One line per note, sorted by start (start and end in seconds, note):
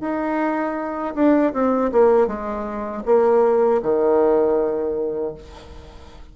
0.00 1.14 D#4
1.14 1.52 D4
1.53 1.91 C4
1.92 2.27 A#3
2.27 3.03 G#3
3.05 3.81 A#3
3.82 5.34 D#3